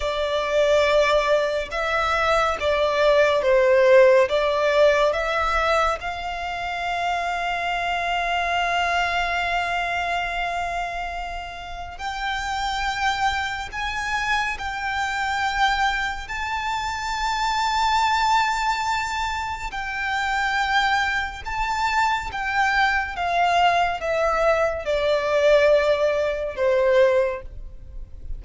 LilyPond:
\new Staff \with { instrumentName = "violin" } { \time 4/4 \tempo 4 = 70 d''2 e''4 d''4 | c''4 d''4 e''4 f''4~ | f''1~ | f''2 g''2 |
gis''4 g''2 a''4~ | a''2. g''4~ | g''4 a''4 g''4 f''4 | e''4 d''2 c''4 | }